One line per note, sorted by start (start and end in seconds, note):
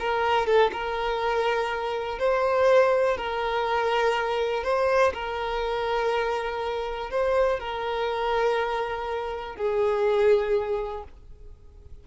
0.00 0.47 A#4
0.47 0.71 A4
0.73 2.19 A#4
2.19 3.17 C5
3.18 4.64 A#4
4.64 5.13 C5
5.14 7.11 A#4
7.11 7.60 C5
7.60 9.57 A#4
9.57 11.04 G#4